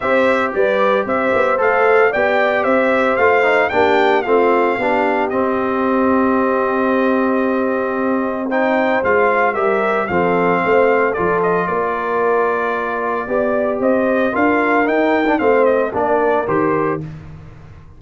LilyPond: <<
  \new Staff \with { instrumentName = "trumpet" } { \time 4/4 \tempo 4 = 113 e''4 d''4 e''4 f''4 | g''4 e''4 f''4 g''4 | f''2 dis''2~ | dis''1 |
g''4 f''4 e''4 f''4~ | f''4 d''8 dis''8 d''2~ | d''2 dis''4 f''4 | g''4 f''8 dis''8 d''4 c''4 | }
  \new Staff \with { instrumentName = "horn" } { \time 4/4 c''4 b'4 c''2 | d''4 c''2 g'4 | f'4 g'2.~ | g'1 |
c''2 ais'4 a'4 | c''4 a'4 ais'2~ | ais'4 d''4 c''4 ais'4~ | ais'4 c''4 ais'2 | }
  \new Staff \with { instrumentName = "trombone" } { \time 4/4 g'2. a'4 | g'2 f'8 dis'8 d'4 | c'4 d'4 c'2~ | c'1 |
dis'4 f'4 g'4 c'4~ | c'4 f'2.~ | f'4 g'2 f'4 | dis'8. d'16 c'4 d'4 g'4 | }
  \new Staff \with { instrumentName = "tuba" } { \time 4/4 c'4 g4 c'8 b8 a4 | b4 c'4 a4 ais4 | a4 b4 c'2~ | c'1~ |
c'4 gis4 g4 f4 | a4 f4 ais2~ | ais4 b4 c'4 d'4 | dis'4 a4 ais4 dis4 | }
>>